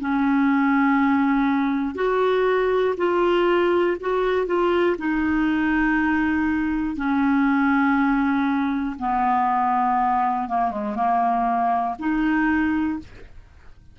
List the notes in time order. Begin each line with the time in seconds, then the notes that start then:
0.00 C#4
1.95 F#4
2.97 F4
4.00 F#4
4.46 F4
4.98 D#4
6.96 C#4
8.99 B3
10.48 A#3
10.71 G#3
10.95 A#3
11.99 D#4